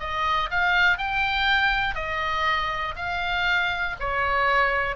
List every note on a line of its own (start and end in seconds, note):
0.00 0.50 D#5
0.50 0.98 F5
0.98 1.95 G5
1.95 2.95 D#5
2.96 3.96 F5
4.00 4.96 C#5